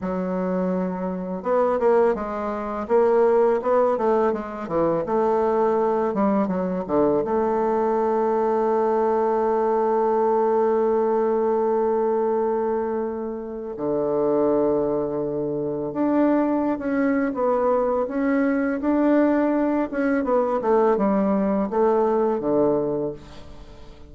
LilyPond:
\new Staff \with { instrumentName = "bassoon" } { \time 4/4 \tempo 4 = 83 fis2 b8 ais8 gis4 | ais4 b8 a8 gis8 e8 a4~ | a8 g8 fis8 d8 a2~ | a1~ |
a2. d4~ | d2 d'4~ d'16 cis'8. | b4 cis'4 d'4. cis'8 | b8 a8 g4 a4 d4 | }